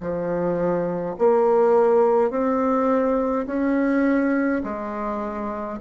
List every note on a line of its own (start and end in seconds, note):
0.00 1.15 F3
1.19 2.30 A#3
2.30 3.46 C4
3.46 4.62 C#4
4.64 5.79 G#3